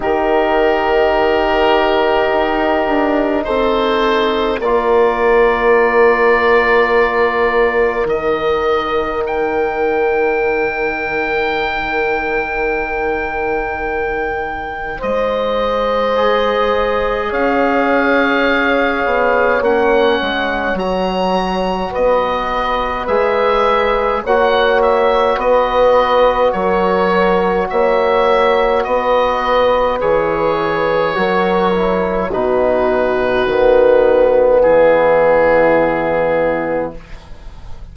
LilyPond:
<<
  \new Staff \with { instrumentName = "oboe" } { \time 4/4 \tempo 4 = 52 ais'2. c''4 | d''2. dis''4 | g''1~ | g''4 dis''2 f''4~ |
f''4 fis''4 ais''4 dis''4 | e''4 fis''8 e''8 dis''4 cis''4 | e''4 dis''4 cis''2 | b'2 gis'2 | }
  \new Staff \with { instrumentName = "horn" } { \time 4/4 g'2. a'4 | ais'1~ | ais'1~ | ais'4 c''2 cis''4~ |
cis''2. b'4~ | b'4 cis''4 b'4 ais'4 | cis''4 b'2 ais'4 | fis'2 e'2 | }
  \new Staff \with { instrumentName = "trombone" } { \time 4/4 dis'1 | f'2. dis'4~ | dis'1~ | dis'2 gis'2~ |
gis'4 cis'4 fis'2 | gis'4 fis'2.~ | fis'2 gis'4 fis'8 e'8 | dis'4 b2. | }
  \new Staff \with { instrumentName = "bassoon" } { \time 4/4 dis2 dis'8 d'8 c'4 | ais2. dis4~ | dis1~ | dis4 gis2 cis'4~ |
cis'8 b8 ais8 gis8 fis4 b4 | gis4 ais4 b4 fis4 | ais4 b4 e4 fis4 | b,4 dis4 e2 | }
>>